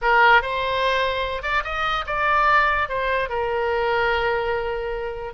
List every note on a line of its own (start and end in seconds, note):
0.01 0.42 A#4
0.42 1.42 C5
1.42 1.63 D5
1.64 2.05 D#5
2.06 2.88 D5
2.88 3.29 C5
3.29 5.33 A#4